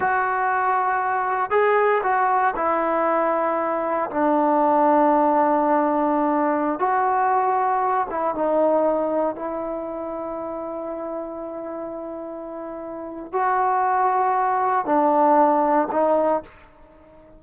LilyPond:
\new Staff \with { instrumentName = "trombone" } { \time 4/4 \tempo 4 = 117 fis'2. gis'4 | fis'4 e'2. | d'1~ | d'4~ d'16 fis'2~ fis'8 e'16~ |
e'16 dis'2 e'4.~ e'16~ | e'1~ | e'2 fis'2~ | fis'4 d'2 dis'4 | }